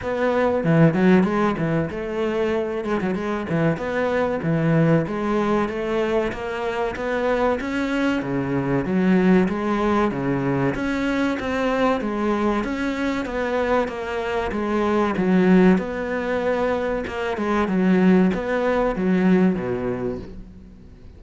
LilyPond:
\new Staff \with { instrumentName = "cello" } { \time 4/4 \tempo 4 = 95 b4 e8 fis8 gis8 e8 a4~ | a8 gis16 fis16 gis8 e8 b4 e4 | gis4 a4 ais4 b4 | cis'4 cis4 fis4 gis4 |
cis4 cis'4 c'4 gis4 | cis'4 b4 ais4 gis4 | fis4 b2 ais8 gis8 | fis4 b4 fis4 b,4 | }